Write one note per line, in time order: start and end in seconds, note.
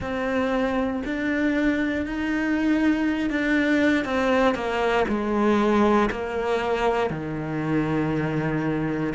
0.00 1.02 C4
1.04 2.06 D4
2.06 3.30 D#4
3.30 4.04 D4
4.04 4.54 C4
4.54 5.05 A#3
5.08 6.09 G#3
6.11 7.10 A#3
7.10 9.13 D#3